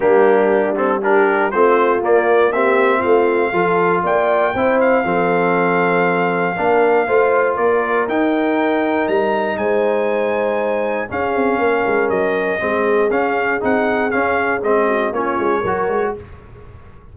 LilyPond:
<<
  \new Staff \with { instrumentName = "trumpet" } { \time 4/4 \tempo 4 = 119 g'4. a'8 ais'4 c''4 | d''4 e''4 f''2 | g''4. f''2~ f''8~ | f''2. d''4 |
g''2 ais''4 gis''4~ | gis''2 f''2 | dis''2 f''4 fis''4 | f''4 dis''4 cis''2 | }
  \new Staff \with { instrumentName = "horn" } { \time 4/4 d'2 g'4 f'4~ | f'4 g'4 f'4 a'4 | d''4 c''4 a'2~ | a'4 ais'4 c''4 ais'4~ |
ais'2. c''4~ | c''2 gis'4 ais'4~ | ais'4 gis'2.~ | gis'4. fis'8 f'4 ais'4 | }
  \new Staff \with { instrumentName = "trombone" } { \time 4/4 ais4. c'8 d'4 c'4 | ais4 c'2 f'4~ | f'4 e'4 c'2~ | c'4 d'4 f'2 |
dis'1~ | dis'2 cis'2~ | cis'4 c'4 cis'4 dis'4 | cis'4 c'4 cis'4 fis'4 | }
  \new Staff \with { instrumentName = "tuba" } { \time 4/4 g2. a4 | ais2 a4 f4 | ais4 c'4 f2~ | f4 ais4 a4 ais4 |
dis'2 g4 gis4~ | gis2 cis'8 c'8 ais8 gis8 | fis4 gis4 cis'4 c'4 | cis'4 gis4 ais8 gis8 fis8 gis8 | }
>>